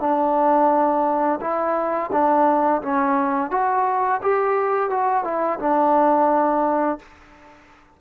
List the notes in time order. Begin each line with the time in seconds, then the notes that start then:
0.00 D4
1.41 E4
2.12 D4
2.82 C#4
3.51 F#4
4.22 G4
4.90 F#4
5.24 E4
5.59 D4